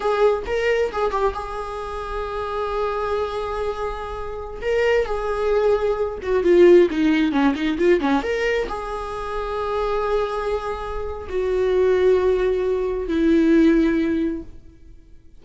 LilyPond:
\new Staff \with { instrumentName = "viola" } { \time 4/4 \tempo 4 = 133 gis'4 ais'4 gis'8 g'8 gis'4~ | gis'1~ | gis'2~ gis'16 ais'4 gis'8.~ | gis'4.~ gis'16 fis'8 f'4 dis'8.~ |
dis'16 cis'8 dis'8 f'8 cis'8 ais'4 gis'8.~ | gis'1~ | gis'4 fis'2.~ | fis'4 e'2. | }